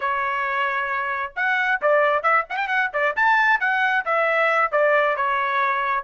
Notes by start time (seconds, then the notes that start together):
0.00 C#5
1.36 F#5
1.81 D5
2.22 E5
2.49 F#5
2.56 G5
2.67 F#5
2.93 D5
3.16 A5
3.60 F#5
4.05 E5
4.71 D5
5.16 C#5